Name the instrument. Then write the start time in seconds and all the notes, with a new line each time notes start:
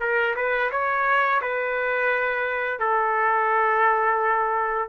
trumpet
0.00 A#4
0.36 B4
0.71 C#5
1.41 B4
2.79 A4